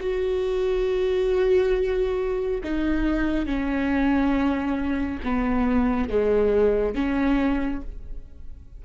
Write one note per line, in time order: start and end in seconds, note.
0.00 2.61 F#4
2.64 3.46 D#4
3.46 5.20 C#4
5.24 6.09 B3
6.09 6.95 G#3
6.95 7.82 C#4